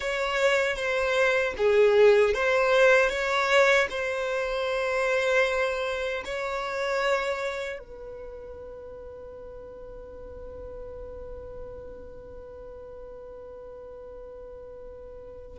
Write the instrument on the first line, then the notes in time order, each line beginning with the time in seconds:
violin
0.00 C#5
0.75 C5
1.57 G#4
2.33 C5
3.09 C#5
3.90 C5
6.24 C#5
7.79 B4